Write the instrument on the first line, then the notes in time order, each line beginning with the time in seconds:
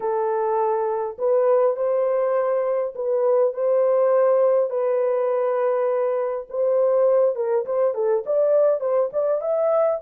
horn
0.00 A4
1.18 B4
1.76 C5
2.95 B4
3.53 C5
4.70 B4
6.49 C5
7.35 A#4
7.65 C5
7.94 A4
8.25 D5
8.80 C5
9.12 D5
9.41 E5